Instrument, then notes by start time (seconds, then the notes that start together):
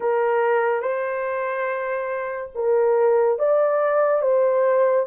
horn
0.00 A#4
0.82 C5
2.55 A#4
3.38 D5
4.21 C5